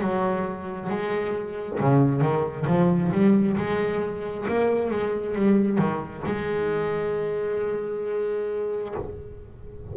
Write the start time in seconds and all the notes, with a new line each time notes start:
0.00 F#3
0.90 G#3
1.80 C#3
2.21 D#3
2.66 F3
3.11 G3
3.57 G#3
4.48 A#3
4.90 G#3
5.34 G3
5.78 D#3
6.26 G#3